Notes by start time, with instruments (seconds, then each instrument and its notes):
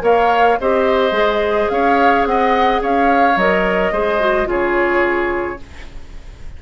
0.00 bassoon A#3, clarinet A#4, oboe C#5, flute F5
0.60 bassoon C4, clarinet G4, oboe C5, flute D#5
1.11 bassoon G#3, clarinet G#4
1.69 bassoon C#4, oboe C#5, flute F5
2.25 bassoon C4, oboe D#5, flute F#5
2.81 bassoon C#4, oboe C#5, flute F5
3.36 bassoon F#3, clarinet A#4, flute D#5
3.91 bassoon G#3, clarinet G#4, oboe C5
4.19 clarinet F#4
4.45 bassoon C#3, clarinet F4, oboe G#4, flute C#5